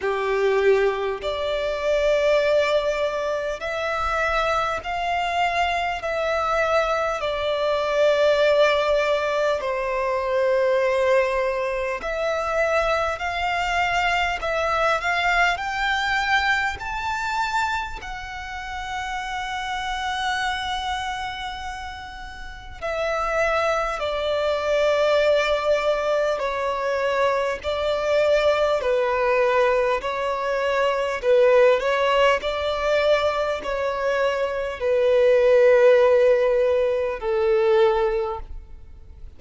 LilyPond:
\new Staff \with { instrumentName = "violin" } { \time 4/4 \tempo 4 = 50 g'4 d''2 e''4 | f''4 e''4 d''2 | c''2 e''4 f''4 | e''8 f''8 g''4 a''4 fis''4~ |
fis''2. e''4 | d''2 cis''4 d''4 | b'4 cis''4 b'8 cis''8 d''4 | cis''4 b'2 a'4 | }